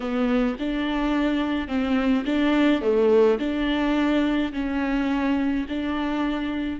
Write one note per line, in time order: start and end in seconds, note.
0.00 0.56 B3
0.59 1.67 D4
1.67 2.24 C4
2.25 2.81 D4
2.81 3.38 A3
3.39 4.52 D4
4.53 5.66 C#4
5.68 6.80 D4